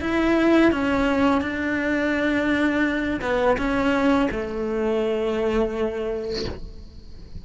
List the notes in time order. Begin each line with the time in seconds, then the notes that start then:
0.00 E4
0.72 C#4
1.41 D4
3.21 B3
3.57 C#4
4.31 A3